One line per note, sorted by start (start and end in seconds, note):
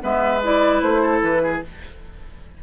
0.00 0.81 G#3
0.00 0.40 B3
0.00 1.02 B4
0.00 0.43 E5
0.43 1.63 E4
0.43 0.81 D5
0.81 1.21 A3
0.81 1.21 C5
1.02 1.42 A4
1.21 1.61 E3
1.21 1.62 B4
1.43 1.63 G#4